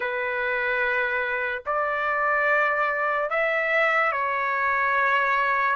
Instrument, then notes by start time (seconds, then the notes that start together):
trumpet
0.00 B4
1.66 D5
3.30 E5
4.11 C#5